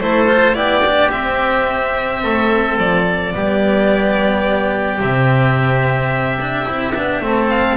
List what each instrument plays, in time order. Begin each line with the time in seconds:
0.00 double bass A3, cello E4, oboe A4, violin C5
0.27 cello F4
0.54 double bass B3, cello E4, oboe G4, violin D5
0.86 cello D4
1.11 cello C4, double bass C4, violin E5
2.22 double bass A3, oboe A4
2.78 double bass F3, violin D5
3.33 double bass G3, cello B3, oboe G4
4.99 double bass C3, cello C4, violin E5
6.40 cello D4
6.65 double bass C4, cello E4
6.95 double bass B3, cello D4
7.21 double bass A3, cello C4, oboe A4
7.49 violin F5